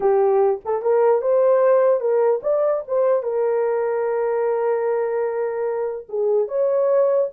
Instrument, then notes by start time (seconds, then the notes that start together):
horn
0.00 G4
0.64 A4
0.82 A#4
1.21 C5
2.00 A#4
2.43 D5
2.87 C5
3.22 A#4
6.08 G#4
6.48 C#5